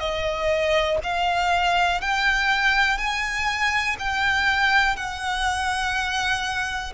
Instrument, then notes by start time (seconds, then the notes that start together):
violin
0.00 D#5
1.04 F5
2.01 G5
2.98 G#5
3.99 G5
4.97 F#5